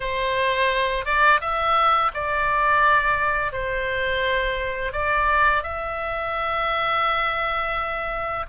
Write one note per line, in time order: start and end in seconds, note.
0.00 1.05 C5
1.05 1.40 D5
1.41 2.11 E5
2.14 3.52 D5
3.52 4.92 C5
4.92 5.63 D5
5.63 8.45 E5